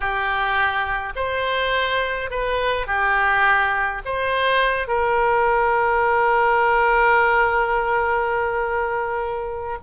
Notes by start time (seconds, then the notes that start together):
0.00 G4
1.15 C5
2.30 B4
2.86 G4
4.05 C5
4.87 A#4